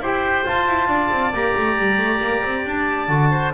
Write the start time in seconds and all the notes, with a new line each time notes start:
0.00 E4 G4 C5 G5
0.45 F4 A5
0.67 E4
0.87 D4 D5
1.11 C4
1.33 A#3 G4 A#5
1.57 A3
1.79 G3
1.98 A3
2.21 A#3
2.44 C4
2.65 D4 A5
3.08 D3 F#4
3.31 C5